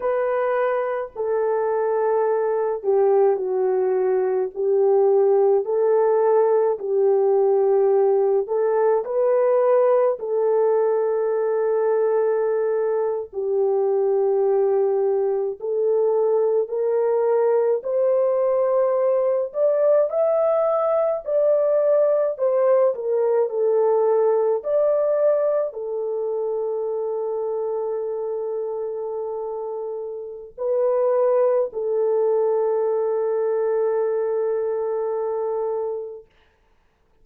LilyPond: \new Staff \with { instrumentName = "horn" } { \time 4/4 \tempo 4 = 53 b'4 a'4. g'8 fis'4 | g'4 a'4 g'4. a'8 | b'4 a'2~ a'8. g'16~ | g'4.~ g'16 a'4 ais'4 c''16~ |
c''4~ c''16 d''8 e''4 d''4 c''16~ | c''16 ais'8 a'4 d''4 a'4~ a'16~ | a'2. b'4 | a'1 | }